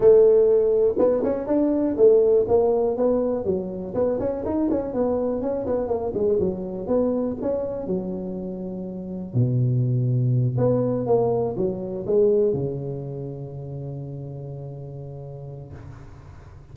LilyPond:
\new Staff \with { instrumentName = "tuba" } { \time 4/4 \tempo 4 = 122 a2 b8 cis'8 d'4 | a4 ais4 b4 fis4 | b8 cis'8 dis'8 cis'8 b4 cis'8 b8 | ais8 gis8 fis4 b4 cis'4 |
fis2. b,4~ | b,4. b4 ais4 fis8~ | fis8 gis4 cis2~ cis8~ | cis1 | }